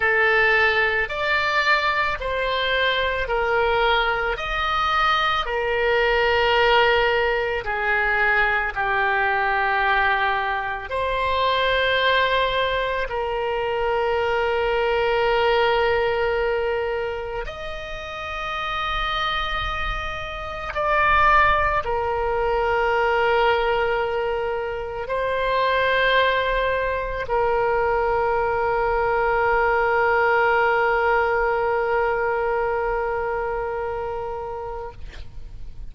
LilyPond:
\new Staff \with { instrumentName = "oboe" } { \time 4/4 \tempo 4 = 55 a'4 d''4 c''4 ais'4 | dis''4 ais'2 gis'4 | g'2 c''2 | ais'1 |
dis''2. d''4 | ais'2. c''4~ | c''4 ais'2.~ | ais'1 | }